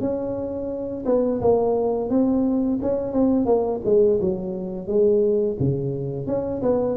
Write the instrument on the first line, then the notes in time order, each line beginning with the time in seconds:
tuba
0.00 C#4
1.06 B3
1.41 A#3
2.09 C4
2.82 C#4
3.13 C4
3.45 A#3
3.85 G#3
4.21 F#3
4.87 G#3
5.59 C#3
6.27 C#4
6.62 B3